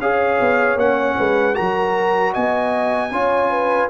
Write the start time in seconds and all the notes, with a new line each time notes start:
0.00 C#4 G#4 C#5 F5
0.40 B3
0.75 A#3 C#4 F#5
1.17 G#3 B4
1.54 F#3 F#4 A#4 A#5
2.33 B3 D#5 G#5
3.12 C#4 F4 C#5
3.51 B4